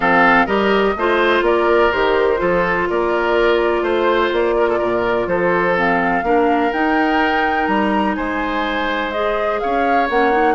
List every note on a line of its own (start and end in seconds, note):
0.00 0.45 F3
0.00 0.47 C4
0.00 0.46 A4
0.00 0.46 F5
0.46 0.94 G3
0.46 0.95 G4
0.46 0.94 A#4
0.46 1.42 D#5
0.96 1.41 A3
0.96 1.92 F4
0.96 1.44 C5
1.41 1.89 A#3
1.41 2.40 A#4
1.41 1.92 D5
1.92 2.41 D#3
1.92 2.36 G4
1.92 2.88 C5
2.36 2.89 F3
2.36 5.72 F4
2.36 2.88 A4
2.89 3.82 A#3
2.89 3.82 A#4
2.89 3.83 D5
3.82 4.30 A3
3.82 4.54 C5
3.82 4.31 C5
4.32 4.80 A#3
4.32 5.28 D5
4.57 4.69 A#4
4.69 4.78 A4
4.78 5.27 A#2
4.78 5.26 A#4
5.27 6.22 F3
5.27 6.25 A4
5.27 5.76 C5
5.75 6.23 C4
5.75 6.73 F5
6.22 6.70 A#3
6.22 6.71 D4
6.22 8.16 A#4
6.73 9.13 D#4
6.73 7.68 D#4
6.73 7.66 G5
7.66 8.16 G3
7.66 8.14 A#5
8.15 9.62 G#3
8.15 9.60 C5
8.15 9.11 G#5
9.11 10.09 G#4
9.11 9.59 D#5
9.59 10.09 C#4
9.59 10.54 C#5
9.59 10.07 F5
10.09 10.54 A#3
10.09 10.31 C#4
10.09 10.54 F#5
10.31 10.54 D#4